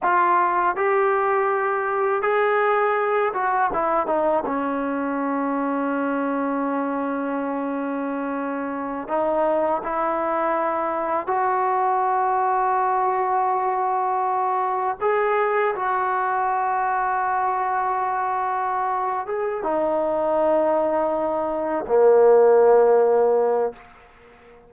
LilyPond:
\new Staff \with { instrumentName = "trombone" } { \time 4/4 \tempo 4 = 81 f'4 g'2 gis'4~ | gis'8 fis'8 e'8 dis'8 cis'2~ | cis'1~ | cis'16 dis'4 e'2 fis'8.~ |
fis'1~ | fis'16 gis'4 fis'2~ fis'8.~ | fis'2 gis'8 dis'4.~ | dis'4. ais2~ ais8 | }